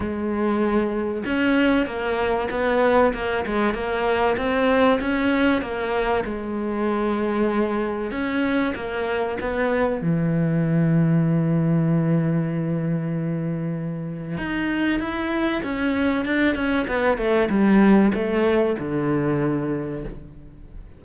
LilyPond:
\new Staff \with { instrumentName = "cello" } { \time 4/4 \tempo 4 = 96 gis2 cis'4 ais4 | b4 ais8 gis8 ais4 c'4 | cis'4 ais4 gis2~ | gis4 cis'4 ais4 b4 |
e1~ | e2. dis'4 | e'4 cis'4 d'8 cis'8 b8 a8 | g4 a4 d2 | }